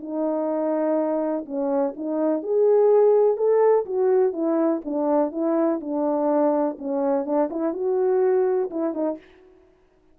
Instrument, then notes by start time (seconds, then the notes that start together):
horn
0.00 D#4
1.46 C#4
1.96 D#4
2.43 G#4
3.37 A4
3.86 F#4
4.33 E4
4.85 D4
5.32 E4
5.80 D4
6.79 C#4
7.25 D4
7.51 E4
7.73 F#4
8.71 E4
8.94 D#4